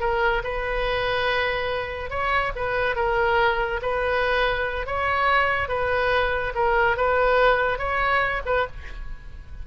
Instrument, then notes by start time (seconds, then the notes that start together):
oboe
0.00 A#4
0.44 B4
2.10 C#5
2.56 B4
2.96 A#4
3.82 B4
4.87 C#5
5.69 B4
6.55 A#4
6.97 B4
7.78 C#5
8.46 B4